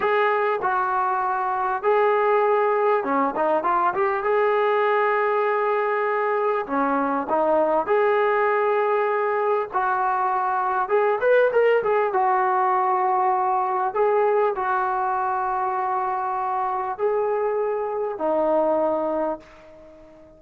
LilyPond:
\new Staff \with { instrumentName = "trombone" } { \time 4/4 \tempo 4 = 99 gis'4 fis'2 gis'4~ | gis'4 cis'8 dis'8 f'8 g'8 gis'4~ | gis'2. cis'4 | dis'4 gis'2. |
fis'2 gis'8 b'8 ais'8 gis'8 | fis'2. gis'4 | fis'1 | gis'2 dis'2 | }